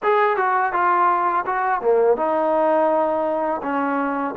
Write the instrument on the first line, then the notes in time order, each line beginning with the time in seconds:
trombone
0.02 G#4
0.36 F#4
0.72 F4
1.46 F#4
1.81 A#3
2.17 D#4
3.62 C#4